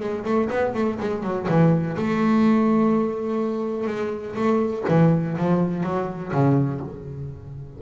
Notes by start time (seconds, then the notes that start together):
0.00 G#3
0.25 A3
0.50 B3
0.74 A3
1.00 G#3
1.23 F#3
1.48 E3
1.97 A3
3.87 G#3
4.36 A3
4.88 E3
5.38 F3
5.83 F#3
6.32 C#3